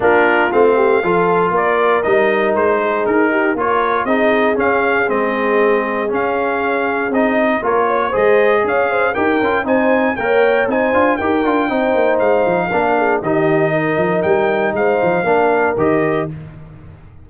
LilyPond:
<<
  \new Staff \with { instrumentName = "trumpet" } { \time 4/4 \tempo 4 = 118 ais'4 f''2 d''4 | dis''4 c''4 ais'4 cis''4 | dis''4 f''4 dis''2 | f''2 dis''4 cis''4 |
dis''4 f''4 g''4 gis''4 | g''4 gis''4 g''2 | f''2 dis''2 | g''4 f''2 dis''4 | }
  \new Staff \with { instrumentName = "horn" } { \time 4/4 f'4. g'8 a'4 ais'4~ | ais'4. gis'4 g'8 ais'4 | gis'1~ | gis'2. ais'8 cis''8 |
c''4 cis''8 c''8 ais'4 c''4 | cis''4 c''4 ais'4 c''4~ | c''4 ais'8 gis'8 g'4 ais'4~ | ais'4 c''4 ais'2 | }
  \new Staff \with { instrumentName = "trombone" } { \time 4/4 d'4 c'4 f'2 | dis'2. f'4 | dis'4 cis'4 c'2 | cis'2 dis'4 f'4 |
gis'2 g'8 f'8 dis'4 | ais'4 dis'8 f'8 g'8 f'8 dis'4~ | dis'4 d'4 dis'2~ | dis'2 d'4 g'4 | }
  \new Staff \with { instrumentName = "tuba" } { \time 4/4 ais4 a4 f4 ais4 | g4 gis4 dis'4 ais4 | c'4 cis'4 gis2 | cis'2 c'4 ais4 |
gis4 cis'4 dis'8 cis'8 c'4 | ais4 c'8 d'8 dis'8 d'8 c'8 ais8 | gis8 f8 ais4 dis4. f8 | g4 gis8 f8 ais4 dis4 | }
>>